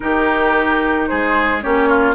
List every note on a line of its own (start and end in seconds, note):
0.00 1.10 D#3
0.00 1.62 D#4
0.00 1.09 G4
0.00 1.06 A#4
1.07 1.64 G#3
1.07 1.63 G#4
1.07 1.61 C5
1.61 2.15 A#3
1.61 2.15 C#4
1.61 1.88 G4
1.61 2.15 C#5
1.88 2.15 F4